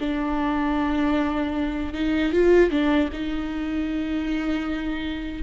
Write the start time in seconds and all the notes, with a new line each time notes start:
0.00 D4
1.94 D#4
2.33 F4
2.71 D4
3.13 D#4